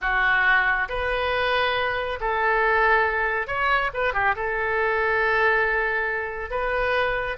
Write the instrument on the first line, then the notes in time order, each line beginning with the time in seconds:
oboe
0.01 F#4
0.88 B4
2.20 A4
3.47 C#5
3.93 B4
4.13 G4
4.35 A4
6.50 B4